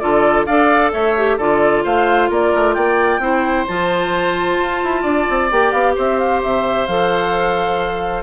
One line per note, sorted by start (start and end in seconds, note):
0.00 0.47 D3
0.00 0.47 F4
0.00 0.46 A4
0.00 0.46 D5
0.46 0.93 D4
0.46 1.18 A4
0.46 0.92 D5
0.46 0.92 F5
0.93 1.38 A3
0.93 1.37 C#5
0.93 1.39 E5
1.18 1.41 G4
1.37 1.84 D3
1.37 3.22 F4
1.37 1.83 A4
1.37 1.85 D5
1.84 2.30 A3
1.84 2.30 C5
1.84 2.31 F5
2.30 2.53 A#3
2.30 2.75 A#4
2.30 2.75 D5
2.55 2.77 A3
2.75 3.19 A#3
2.75 3.21 D5
2.75 3.66 G5
3.19 3.65 C4
3.19 3.67 E4
3.19 5.02 C5
3.68 4.58 F3
3.68 5.51 F4
3.68 5.51 A5
4.58 4.81 F4
4.84 5.04 E4
5.02 5.27 D4
5.02 5.94 D5
5.30 5.51 C4
5.51 5.73 A#3
5.51 6.89 G4
5.51 5.72 G5
5.72 5.96 B3
5.72 5.95 F5
5.96 6.43 C4
5.96 8.23 C5
5.96 6.19 E5
6.19 6.42 F5
6.43 6.88 C3
6.43 6.87 E5
6.87 8.23 F3
6.87 8.23 A4
6.87 8.23 F5